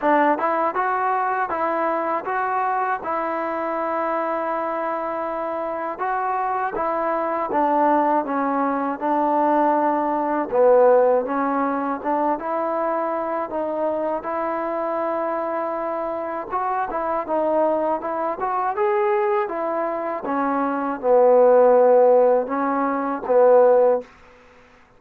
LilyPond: \new Staff \with { instrumentName = "trombone" } { \time 4/4 \tempo 4 = 80 d'8 e'8 fis'4 e'4 fis'4 | e'1 | fis'4 e'4 d'4 cis'4 | d'2 b4 cis'4 |
d'8 e'4. dis'4 e'4~ | e'2 fis'8 e'8 dis'4 | e'8 fis'8 gis'4 e'4 cis'4 | b2 cis'4 b4 | }